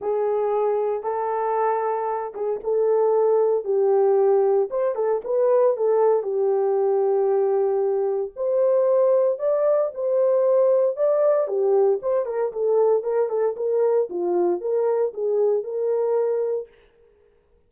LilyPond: \new Staff \with { instrumentName = "horn" } { \time 4/4 \tempo 4 = 115 gis'2 a'2~ | a'8 gis'8 a'2 g'4~ | g'4 c''8 a'8 b'4 a'4 | g'1 |
c''2 d''4 c''4~ | c''4 d''4 g'4 c''8 ais'8 | a'4 ais'8 a'8 ais'4 f'4 | ais'4 gis'4 ais'2 | }